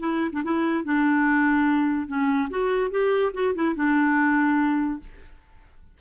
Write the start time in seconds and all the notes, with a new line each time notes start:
0.00 E4
0.33 D4
0.44 E4
0.85 D4
2.08 C#4
2.50 F#4
2.91 G4
3.34 F#4
3.55 E4
3.76 D4